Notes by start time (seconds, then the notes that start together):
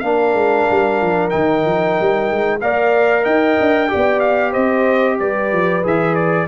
0.00 A#3 D4 A#4 F5
0.34 G#3
0.71 G3
1.02 F3
1.30 D#3 D#4 G5
1.66 F3
2.00 G3
2.31 G#3
2.61 A#3 A#4 D5 F5
3.24 D#4 D#5 G5
3.61 D4
3.89 G4 D5
3.95 B3
4.20 F5
4.52 C4 C5 D#5
5.20 G3 B4 D5
5.53 F3
5.83 E3 G#4 E5
6.15 D5